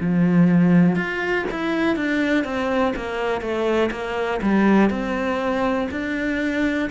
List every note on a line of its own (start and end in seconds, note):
0.00 0.95 F3
0.95 1.45 F4
1.51 1.96 E4
1.96 2.45 D4
2.45 2.94 C4
2.96 3.41 A#3
3.41 3.90 A3
3.91 4.40 A#3
4.42 4.90 G3
4.90 5.88 C4
5.91 6.89 D4